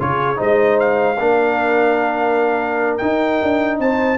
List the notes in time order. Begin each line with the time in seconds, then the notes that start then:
0.00 C#3 F4 G#4 C#5
0.36 G#3 D#4 C5 D#5
0.79 F5
1.20 A#3 D4 A#4
2.98 D#4 G5
3.43 D4
3.79 C4 C5 A5